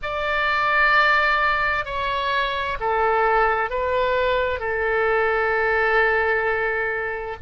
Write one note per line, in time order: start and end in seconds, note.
0.02 1.85 D5
1.85 2.77 C#5
2.79 3.69 A4
3.69 4.59 B4
4.59 7.36 A4